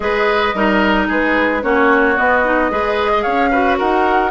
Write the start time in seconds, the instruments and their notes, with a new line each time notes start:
0.00 bassoon G#3, clarinet G#4, oboe B4, flute D#5
0.54 bassoon G3, clarinet D#4, oboe A#4
1.07 bassoon G#3, oboe G#4, flute B4
1.61 bassoon A#3, clarinet C#4, oboe F#4, flute C#5
2.16 clarinet B3, bassoon B3, flute D#5
2.43 clarinet D#4
2.70 bassoon G#3, clarinet G#4, oboe B4
3.11 oboe D#5
3.22 bassoon C#4, oboe C#5, flute F5
3.50 clarinet F#4, oboe B4
3.78 bassoon D#4, oboe A#4, flute F#5